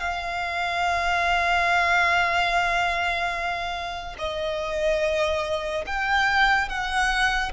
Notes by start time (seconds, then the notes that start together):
0.00 F5
4.19 D#5
5.87 G5
6.69 F#5